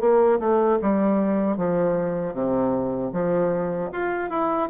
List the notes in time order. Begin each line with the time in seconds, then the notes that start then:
0.00 A#3
0.39 A3
0.82 G3
1.57 F3
2.34 C3
3.12 F3
3.92 F4
4.30 E4